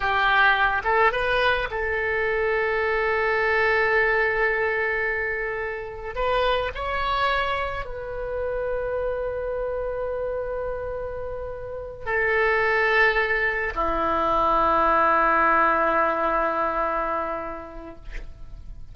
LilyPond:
\new Staff \with { instrumentName = "oboe" } { \time 4/4 \tempo 4 = 107 g'4. a'8 b'4 a'4~ | a'1~ | a'2. b'4 | cis''2 b'2~ |
b'1~ | b'4. a'2~ a'8~ | a'8 e'2.~ e'8~ | e'1 | }